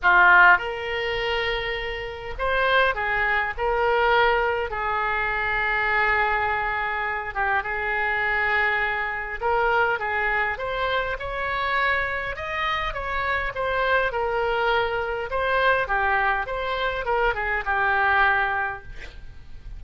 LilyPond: \new Staff \with { instrumentName = "oboe" } { \time 4/4 \tempo 4 = 102 f'4 ais'2. | c''4 gis'4 ais'2 | gis'1~ | gis'8 g'8 gis'2. |
ais'4 gis'4 c''4 cis''4~ | cis''4 dis''4 cis''4 c''4 | ais'2 c''4 g'4 | c''4 ais'8 gis'8 g'2 | }